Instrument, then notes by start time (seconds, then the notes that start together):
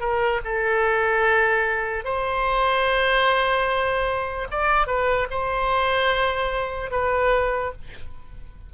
oboe
0.00 A#4
0.44 A4
2.04 C5
4.51 D5
4.87 B4
5.30 C5
6.91 B4